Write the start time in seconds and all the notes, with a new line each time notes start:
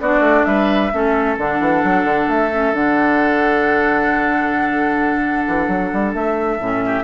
0.00 B3 D4 F#4 D5
0.20 A3
0.45 G3 B4 E5
0.92 A3 C#4 A4
1.37 D3 D4 F#5
1.60 E3
1.83 F#3
2.04 D3
2.27 A3 E5
2.51 C#4
2.72 D3 D4 F#5
5.47 E3
5.67 F#3
5.93 G3
6.14 A3 E5
6.59 A2 C#4
6.85 G4